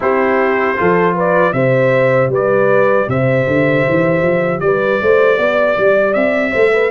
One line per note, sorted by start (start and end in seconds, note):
0.00 0.78 C4
0.00 0.76 E4
0.00 0.78 G4
0.00 1.17 C5
0.76 1.53 F3
0.76 1.53 F4
0.76 1.14 A4
1.14 1.53 B4
1.14 1.53 D5
1.53 2.28 C3
1.53 6.90 G4
1.53 2.31 C5
1.53 2.29 E5
2.28 3.05 G3
2.28 3.08 B4
2.28 3.09 D5
3.08 3.46 C3
3.08 4.63 C5
3.08 4.60 E5
3.46 3.85 D3
3.88 4.21 E3
4.21 4.60 F3
4.60 4.99 G3
4.60 5.02 B4
4.60 6.13 D5
5.01 5.38 A3
5.01 5.38 C5
5.38 5.76 B3
5.38 6.51 D5
5.77 6.15 G3
6.13 6.53 C4
6.13 6.90 E5
6.51 6.90 A3
6.51 6.70 C5
6.73 6.90 B4